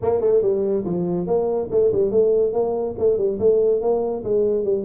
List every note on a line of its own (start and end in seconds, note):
0.02 0.20 A#3
0.20 0.41 A3
0.41 0.84 G3
0.85 1.26 F3
1.26 1.69 A#3
1.70 1.91 A3
1.91 2.11 G3
2.11 2.52 A3
2.52 2.95 A#3
2.98 3.17 A3
3.17 3.38 G3
3.39 3.81 A3
3.81 4.23 A#3
4.24 4.64 G#3
4.64 4.85 G3